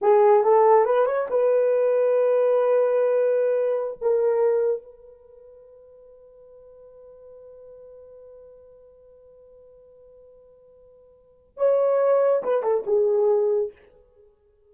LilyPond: \new Staff \with { instrumentName = "horn" } { \time 4/4 \tempo 4 = 140 gis'4 a'4 b'8 cis''8 b'4~ | b'1~ | b'4~ b'16 ais'2 b'8.~ | b'1~ |
b'1~ | b'1~ | b'2. cis''4~ | cis''4 b'8 a'8 gis'2 | }